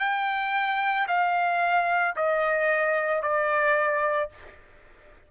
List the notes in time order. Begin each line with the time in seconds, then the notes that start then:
0.00 G5
1.08 F5
2.16 D#5
3.22 D5